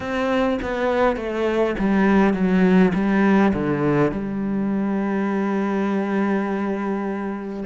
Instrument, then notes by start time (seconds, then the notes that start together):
cello
0.00 C4
0.62 B3
1.16 A3
1.79 G3
2.33 F#3
2.94 G3
3.53 D3
4.11 G3